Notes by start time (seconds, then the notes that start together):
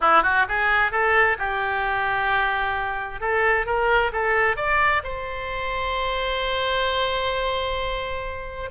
0.00 E4
0.22 F#4
0.48 G#4
0.91 A4
1.38 G4
3.20 A4
3.66 A#4
4.12 A4
4.56 D5
5.03 C5